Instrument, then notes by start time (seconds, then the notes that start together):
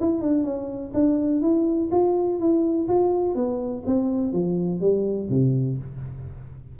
tuba
0.00 E4
0.21 D4
0.44 C#4
0.94 D4
1.41 E4
1.92 F4
2.40 E4
2.88 F4
3.35 B3
3.86 C4
4.33 F3
4.81 G3
5.29 C3